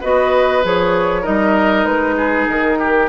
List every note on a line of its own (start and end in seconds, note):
0.00 0.64 B3
0.00 0.63 F#4
0.00 1.22 B4
0.00 0.64 D#5
0.63 1.25 F3
0.63 1.22 G#4
0.63 1.25 C#5
1.22 1.85 G3
1.22 3.08 D#4
1.22 2.14 A#4
1.22 1.85 D#5
1.85 2.47 G#3
1.85 2.47 B4
2.16 2.78 G#4
2.47 3.09 D#3
2.47 3.09 A#4
2.79 3.09 G4